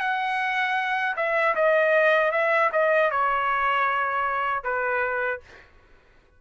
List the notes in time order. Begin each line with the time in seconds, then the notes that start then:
0.00 F#5
1.16 E5
1.55 D#5
2.31 E5
2.72 D#5
3.11 C#5
4.63 B4